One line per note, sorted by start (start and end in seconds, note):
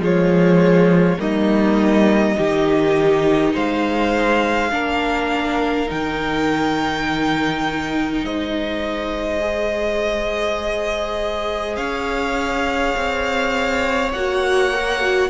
0.00 1.18 F3
0.00 1.18 G#3
0.00 1.19 F4
0.00 1.21 C#5
1.18 2.36 G3
1.18 2.35 A#3
1.18 2.37 D#4
1.18 3.55 D#5
2.35 3.55 D#3
2.35 4.70 D#4
2.35 3.53 G4
3.53 4.72 G#3
3.53 4.71 C5
3.53 5.90 F5
4.71 5.90 A#3
4.71 5.87 D4
4.71 8.25 A#4
5.87 8.24 D#3
5.87 9.40 D#4
5.87 8.25 G5
8.24 11.77 G#3
8.24 11.77 C5
8.24 11.76 D#5
9.40 14.11 G#4
11.76 12.95 C#4
11.76 15.30 C#5
11.76 14.12 F5
12.97 14.14 C4
14.13 15.30 A#3
14.13 14.73 F#4
14.13 15.30 F#5
14.73 15.00 A#4
15.00 15.30 F#4